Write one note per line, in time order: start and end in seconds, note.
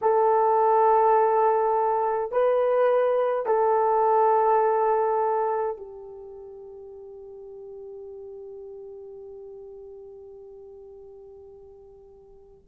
0.01 2.31 A4
2.31 3.46 B4
3.46 5.76 A4
5.76 12.68 G4